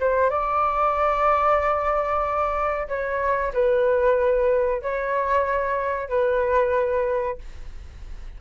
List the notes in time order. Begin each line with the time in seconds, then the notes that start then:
0.00 C5
0.30 D5
2.88 C#5
3.53 B4
4.82 C#5
6.09 B4